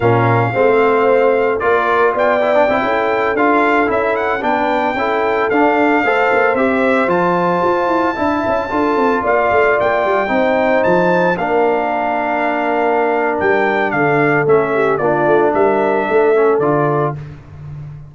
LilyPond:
<<
  \new Staff \with { instrumentName = "trumpet" } { \time 4/4 \tempo 4 = 112 f''2. d''4 | g''2~ g''16 f''4 e''8 fis''16~ | fis''16 g''2 f''4.~ f''16~ | f''16 e''4 a''2~ a''8.~ |
a''4~ a''16 f''4 g''4.~ g''16~ | g''16 a''4 f''2~ f''8.~ | f''4 g''4 f''4 e''4 | d''4 e''2 d''4 | }
  \new Staff \with { instrumentName = "horn" } { \time 4/4 ais'4 c''2 ais'4 | d''4~ d''16 a'2~ a'8.~ | a'16 b'4 a'2 c''8.~ | c''2.~ c''16 e''8.~ |
e''16 a'4 d''2 c''8.~ | c''4~ c''16 ais'2~ ais'8.~ | ais'2 a'4. g'8 | f'4 ais'4 a'2 | }
  \new Staff \with { instrumentName = "trombone" } { \time 4/4 cis'4 c'2 f'4~ | f'8 e'16 d'16 e'4~ e'16 f'4 e'8.~ | e'16 d'4 e'4 d'4 a'8.~ | a'16 g'4 f'2 e'8.~ |
e'16 f'2. dis'8.~ | dis'4~ dis'16 d'2~ d'8.~ | d'2. cis'4 | d'2~ d'8 cis'8 f'4 | }
  \new Staff \with { instrumentName = "tuba" } { \time 4/4 ais,4 a2 ais4 | b4 c'16 cis'4 d'4 cis'8.~ | cis'16 b4 cis'4 d'4 a8 ais16~ | ais16 c'4 f4 f'8 e'8 d'8 cis'16~ |
cis'16 d'8 c'8 ais8 a8 ais8 g8 c'8.~ | c'16 f4 ais2~ ais8.~ | ais4 g4 d4 a4 | ais8 a8 g4 a4 d4 | }
>>